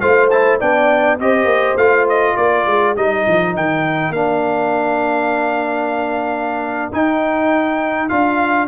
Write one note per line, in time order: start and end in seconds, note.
0.00 0.60 A3
0.00 0.30 F4
0.00 0.59 C5
0.00 0.29 F5
0.30 0.60 E4
0.30 0.59 A5
0.59 1.19 B3
0.59 1.19 D4
0.59 1.18 D5
0.59 1.19 G5
1.19 1.45 C4
1.19 1.78 G4
1.19 2.36 C5
1.19 1.77 D#5
1.45 1.74 A#3
1.75 2.34 A3
1.75 2.96 F4
1.75 2.06 F5
2.09 2.36 D#5
2.36 2.66 A#3
2.36 8.68 A#4
2.36 2.95 D5
2.66 2.95 G#3
2.95 3.25 G3
2.95 4.13 D#4
2.95 3.55 D#5
3.27 3.55 F3
3.55 4.09 D#3
3.55 4.12 G5
4.09 6.89 A#3
4.09 6.92 D4
4.09 6.91 F5
6.92 8.09 D#4
6.92 8.10 D#4
6.92 8.09 G5
8.09 8.68 D4
8.09 8.68 F4
8.09 8.67 F5